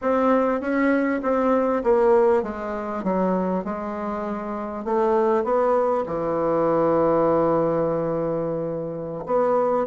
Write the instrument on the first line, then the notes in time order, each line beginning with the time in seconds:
bassoon
0.01 C4
0.60 C#4
1.22 C4
1.83 A#3
2.42 G#3
3.03 F#3
3.64 G#3
4.85 A3
5.44 B3
6.06 E3
9.26 B3